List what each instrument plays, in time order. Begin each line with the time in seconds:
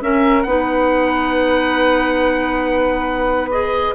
0.00 clarinet C#4, bassoon C#4, flute A#4, oboe E5
0.43 bassoon B3, clarinet D#4, flute B4, oboe F#5
3.51 clarinet G#4, oboe D#5